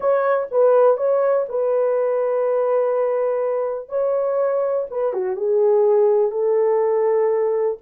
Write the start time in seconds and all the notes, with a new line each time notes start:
0.00 C#5
0.51 B4
0.97 C#5
1.49 B4
3.88 C#5
4.90 B4
5.13 F#4
5.36 G#4
6.31 A4